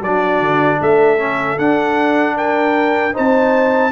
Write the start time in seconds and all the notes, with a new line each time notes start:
0.00 F#3 D4 F#4 D5
0.40 D3
0.80 A3 A4 E5
1.18 C#4
1.57 D4 F#5
2.37 A#4 G5
3.13 C4 D#4 C5 A5